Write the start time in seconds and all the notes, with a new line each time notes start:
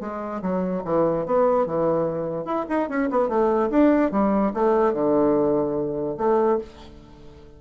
0.00 G#3
0.41 F#3
0.84 E3
1.26 B3
1.66 E3
2.45 E4
2.69 D#4
2.89 C#4
3.10 B3
3.28 A3
3.70 D4
4.11 G3
4.53 A3
4.93 D3
6.17 A3